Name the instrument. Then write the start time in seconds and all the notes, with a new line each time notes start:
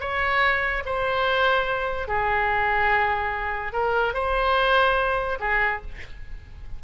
oboe
0.00 C#5
0.85 C5
2.08 G#4
3.73 A#4
4.14 C5
5.40 G#4